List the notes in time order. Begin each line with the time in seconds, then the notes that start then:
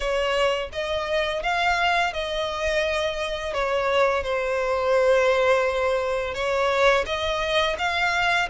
0.00 C#5
0.72 D#5
1.42 F5
2.13 D#5
3.53 C#5
4.24 C5
6.34 C#5
7.06 D#5
7.78 F5